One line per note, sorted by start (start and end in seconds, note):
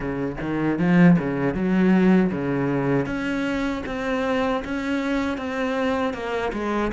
0.00 0.36 C#3
0.40 0.78 D#3
0.78 1.17 F3
1.18 1.54 C#3
1.54 2.31 F#3
2.31 3.06 C#3
3.06 3.83 C#4
3.86 4.63 C4
4.64 5.37 C#4
5.37 6.13 C4
6.13 6.52 A#3
6.52 6.91 G#3